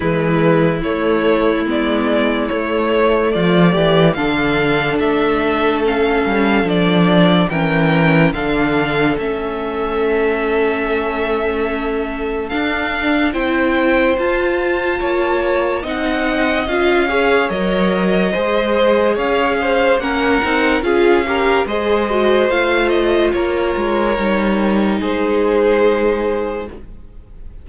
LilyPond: <<
  \new Staff \with { instrumentName = "violin" } { \time 4/4 \tempo 4 = 72 b'4 cis''4 d''4 cis''4 | d''4 f''4 e''4 f''4 | d''4 g''4 f''4 e''4~ | e''2. f''4 |
g''4 a''2 fis''4 | f''4 dis''2 f''4 | fis''4 f''4 dis''4 f''8 dis''8 | cis''2 c''2 | }
  \new Staff \with { instrumentName = "violin" } { \time 4/4 e'1 | f'8 g'8 a'2.~ | a'4 ais'4 a'2~ | a'1 |
c''2 cis''4 dis''4~ | dis''8 cis''4. c''4 cis''8 c''8 | ais'4 gis'8 ais'8 c''2 | ais'2 gis'2 | }
  \new Staff \with { instrumentName = "viola" } { \time 4/4 gis4 a4 b4 a4~ | a4 d'2 cis'4 | d'4 cis'4 d'4 cis'4~ | cis'2. d'4 |
e'4 f'2 dis'4 | f'8 gis'8 ais'4 gis'2 | cis'8 dis'8 f'8 g'8 gis'8 fis'8 f'4~ | f'4 dis'2. | }
  \new Staff \with { instrumentName = "cello" } { \time 4/4 e4 a4 gis4 a4 | f8 e8 d4 a4. g8 | f4 e4 d4 a4~ | a2. d'4 |
c'4 f'4 ais4 c'4 | cis'4 fis4 gis4 cis'4 | ais8 c'8 cis'4 gis4 a4 | ais8 gis8 g4 gis2 | }
>>